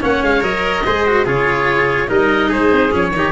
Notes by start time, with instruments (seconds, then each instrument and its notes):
0.00 tuba A#3, cello C#4, trumpet C#5, oboe F#5
0.22 tuba G#3, oboe F5
0.41 tuba F#3, cello A#4, oboe D#5
0.86 tuba G#3, cello G#4, trumpet C5
1.06 cello F#4
1.25 tuba C#3, cello F4, trumpet G#4, oboe C#5
2.07 tuba G3, cello D#4, trumpet A#4, oboe D#5
2.49 tuba G#3, trumpet G#4, oboe C5
2.72 tuba C4
2.91 tuba F3, cello C#4, oboe C#5
3.11 tuba D#3, cello D#4
3.18 trumpet G4